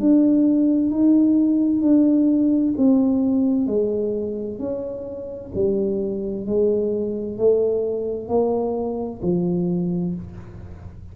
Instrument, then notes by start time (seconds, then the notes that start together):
tuba
0.00 D4
0.91 D#4
1.82 D4
2.78 C4
3.67 G#3
4.59 C#4
5.55 G3
6.46 G#3
7.38 A3
8.28 A#3
9.22 F3